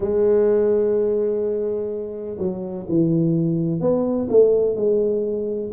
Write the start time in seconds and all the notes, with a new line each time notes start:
0.00 G#3
2.38 F#3
2.88 E3
3.80 B3
4.29 A3
4.75 G#3